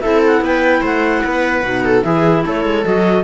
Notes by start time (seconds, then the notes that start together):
0.00 C4 E4 A4 E5
0.26 F#5
0.40 B3 B4 G5
0.81 A3 C5 F#5
1.24 B3 B4
1.63 B2 D#4
1.84 A4
2.03 E3 E4 G#4 E5
2.45 A3 A4 C#5
2.65 G#3
2.83 F#3 F#4 D#5